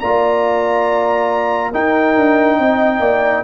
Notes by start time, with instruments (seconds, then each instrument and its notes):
0.00 tuba A#3, trombone F4, horn D5, trumpet A#5
1.72 trombone D#4, tuba D#4, horn A#4, trumpet G5
2.17 tuba D4
2.58 tuba C4, horn D#5
3.00 tuba A#3, horn D5